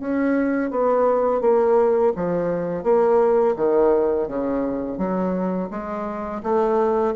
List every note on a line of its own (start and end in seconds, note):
0.00 0.70 C#4
0.70 1.41 B3
1.41 2.13 A#3
2.16 2.84 F3
2.84 3.55 A#3
3.56 4.28 D#3
4.28 4.98 C#3
4.98 5.69 F#3
5.70 6.42 G#3
6.43 7.14 A3